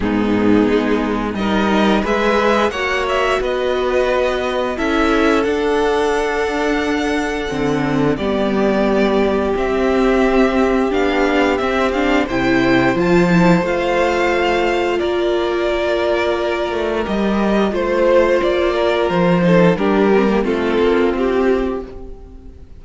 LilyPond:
<<
  \new Staff \with { instrumentName = "violin" } { \time 4/4 \tempo 4 = 88 gis'2 dis''4 e''4 | fis''8 e''8 dis''2 e''4 | fis''1 | d''2 e''2 |
f''4 e''8 f''8 g''4 a''4 | f''2 d''2~ | d''4 dis''4 c''4 d''4 | c''4 ais'4 a'4 g'4 | }
  \new Staff \with { instrumentName = "violin" } { \time 4/4 dis'2 ais'4 b'4 | cis''4 b'2 a'4~ | a'1 | g'1~ |
g'2 c''2~ | c''2 ais'2~ | ais'2 c''4. ais'8~ | ais'8 a'8 g'4 f'2 | }
  \new Staff \with { instrumentName = "viola" } { \time 4/4 b2 dis'4 gis'4 | fis'2. e'4 | d'2. c'4 | b2 c'2 |
d'4 c'8 d'8 e'4 f'8 e'8 | f'1~ | f'4 g'4 f'2~ | f'8 dis'8 d'8 c'16 ais16 c'2 | }
  \new Staff \with { instrumentName = "cello" } { \time 4/4 gis,4 gis4 g4 gis4 | ais4 b2 cis'4 | d'2. d4 | g2 c'2 |
b4 c'4 c4 f4 | a2 ais2~ | ais8 a8 g4 a4 ais4 | f4 g4 a8 ais8 c'4 | }
>>